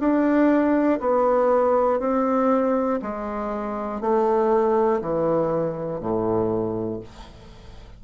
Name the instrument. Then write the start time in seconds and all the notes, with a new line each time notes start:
bassoon
0.00 D4
1.01 B3
2.00 C4
3.03 G#3
4.01 A3
5.02 E3
6.01 A2